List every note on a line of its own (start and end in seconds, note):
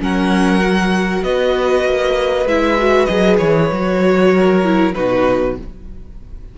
0.00 1.23 F#3
0.00 0.62 C#4
0.00 1.25 A#4
0.00 1.24 F#5
0.62 2.48 F#4
1.23 1.85 B3
1.23 4.34 B4
1.23 2.47 D#5
1.85 2.46 A#3
2.46 3.08 G#3
2.46 2.79 E4
2.46 3.06 E5
2.79 3.09 F#4
3.06 3.40 F#3
3.06 3.70 G#4
3.06 3.37 D#5
3.38 3.71 E3
3.38 4.93 C#5
3.72 4.96 F#3
3.72 4.65 F#4
4.34 4.95 A#4
4.65 4.95 E4
4.94 5.59 B2
4.94 5.57 D#4
4.94 5.58 F#4
4.94 5.56 B4